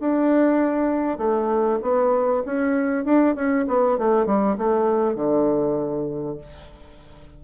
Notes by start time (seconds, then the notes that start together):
0.00 D4
1.18 A3
1.82 B3
2.45 C#4
3.05 D4
3.35 C#4
3.67 B3
3.98 A3
4.26 G3
4.58 A3
5.15 D3